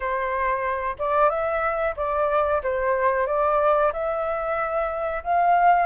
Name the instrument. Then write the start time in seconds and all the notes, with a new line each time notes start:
flute
0.00 C5
0.98 D5
1.29 E5
1.96 D5
2.63 C5
3.26 D5
3.92 E5
5.24 F5